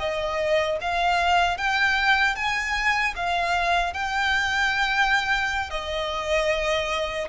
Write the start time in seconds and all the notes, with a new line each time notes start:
0.00 D#5
0.82 F5
1.58 G5
2.36 G#5
3.16 F5
3.94 G5
5.71 D#5